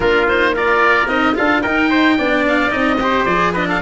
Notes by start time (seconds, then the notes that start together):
0.00 A#3 D4 F4 A#4
0.28 D#4 C5
0.54 F4 A#4 D5
1.06 C4 D#4 D#5
1.34 D4 F4 A4 F5
1.62 D#4 A#4 G5
1.89 C5
2.18 B3 D4 D5
2.48 F5
2.70 C4 D#4 D#5
3.00 G4 C5
3.25 F3 G#4 D5
3.52 D4 B4 D#5
3.68 A4 F5